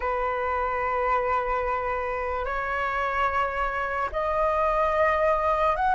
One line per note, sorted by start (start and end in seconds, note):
0.00 2.45 B4
2.45 4.09 C#5
4.12 5.76 D#5
5.76 5.94 F#5